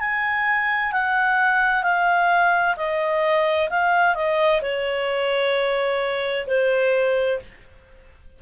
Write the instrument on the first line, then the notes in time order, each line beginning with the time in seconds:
clarinet
0.00 G#5
0.92 F#5
1.83 F5
2.77 D#5
3.70 F5
4.15 D#5
4.62 C#5
6.47 C5